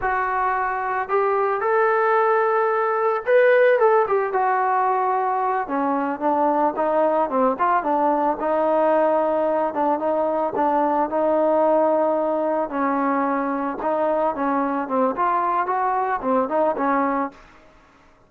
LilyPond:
\new Staff \with { instrumentName = "trombone" } { \time 4/4 \tempo 4 = 111 fis'2 g'4 a'4~ | a'2 b'4 a'8 g'8 | fis'2~ fis'8 cis'4 d'8~ | d'8 dis'4 c'8 f'8 d'4 dis'8~ |
dis'2 d'8 dis'4 d'8~ | d'8 dis'2. cis'8~ | cis'4. dis'4 cis'4 c'8 | f'4 fis'4 c'8 dis'8 cis'4 | }